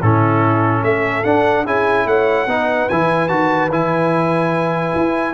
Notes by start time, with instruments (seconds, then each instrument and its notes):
0.00 tuba A2, trombone C#4, horn E4, trumpet A4
0.83 tuba A3, horn A4, trumpet E5
1.24 trombone D4, tuba D4, trumpet F#5
1.65 tuba C#4, trombone E4, horn G#4, trumpet G#5
2.06 tuba A3, horn C#5, trumpet F#5
2.47 tuba B3, trombone D#4, horn B4
2.89 tuba E3, trombone E4, trumpet G#5
3.29 tuba D#3, trombone F#4, trumpet A5
3.70 tuba E3, trombone E4, trumpet G#5
4.95 tuba E4